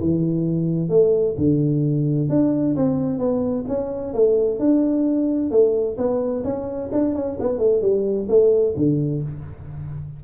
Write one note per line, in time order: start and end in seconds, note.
0.00 0.90 E3
0.90 1.36 A3
1.38 2.30 D3
2.30 2.76 D4
2.76 3.19 C4
3.19 3.65 B3
3.68 4.14 C#4
4.14 4.60 A3
4.60 5.51 D4
5.51 5.97 A3
5.98 6.44 B3
6.44 6.91 C#4
6.92 7.15 D4
7.15 7.38 C#4
7.40 7.59 B3
7.59 7.82 A3
7.82 8.28 G3
8.29 8.75 A3
8.77 9.23 D3